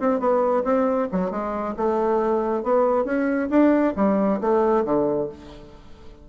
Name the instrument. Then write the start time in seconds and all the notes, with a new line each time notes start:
bassoon
0.00 C4
0.19 B3
0.64 C4
1.12 F#3
1.31 G#3
1.76 A3
2.63 B3
3.05 C#4
3.50 D4
3.96 G3
4.41 A3
4.84 D3